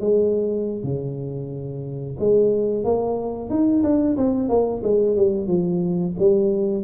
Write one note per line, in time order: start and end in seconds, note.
0.00 0.83 G#3
0.83 2.17 C#3
2.19 2.84 G#3
2.84 3.50 A#3
3.50 3.83 D#4
3.83 4.17 D4
4.17 4.49 C4
4.49 4.82 A#3
4.83 5.16 G#3
5.16 5.47 G3
5.47 6.14 F3
6.19 6.84 G3